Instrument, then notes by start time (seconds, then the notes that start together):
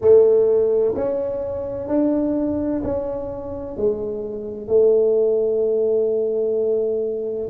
tuba
0.01 A3
0.95 C#4
1.87 D4
2.83 C#4
3.76 G#3
4.67 A3